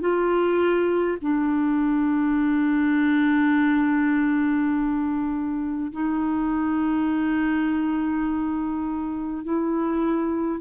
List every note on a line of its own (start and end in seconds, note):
0.00 1.18 F4
1.21 5.91 D4
5.92 9.43 D#4
9.43 10.60 E4